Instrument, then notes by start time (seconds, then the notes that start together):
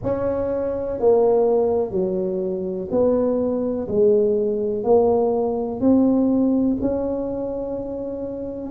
tuba
0.03 C#4
0.99 A#3
1.91 F#3
2.90 B3
3.88 G#3
4.83 A#3
5.80 C4
6.80 C#4